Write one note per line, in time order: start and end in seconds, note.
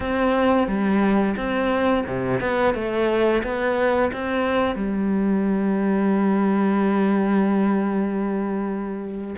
0.00 0.67 C4
0.67 1.35 G3
1.36 2.05 C4
2.06 2.40 C3
2.40 2.74 B3
2.74 3.42 A3
3.43 4.11 B3
4.12 4.75 C4
4.75 9.35 G3